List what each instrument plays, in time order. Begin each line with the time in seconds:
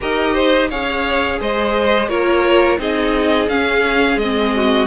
0.00 cello D#4, viola G4, violin A#4 D#5
0.33 violin C5
0.69 cello C#4, viola G#4, violin C#5 F5
1.40 cello G#3, violin C5 D#5
2.07 cello A#3, viola F4, violin A#4 C#5
2.78 cello C4, viola D#4, violin G#4 D#5
3.48 cello C#4, viola C#4, violin F5
4.16 cello G#3, viola C4, violin D#5
4.55 violin F#4